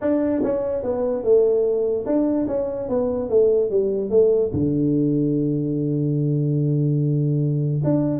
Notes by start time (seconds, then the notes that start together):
0.01 D4
0.43 C#4
0.82 B3
1.23 A3
2.05 D4
2.47 C#4
2.88 B3
3.29 A3
3.70 G3
4.10 A3
4.53 D3
7.84 D4